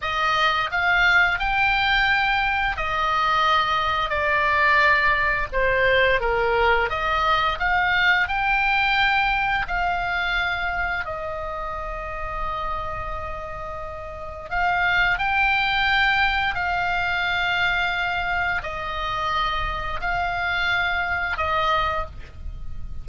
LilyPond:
\new Staff \with { instrumentName = "oboe" } { \time 4/4 \tempo 4 = 87 dis''4 f''4 g''2 | dis''2 d''2 | c''4 ais'4 dis''4 f''4 | g''2 f''2 |
dis''1~ | dis''4 f''4 g''2 | f''2. dis''4~ | dis''4 f''2 dis''4 | }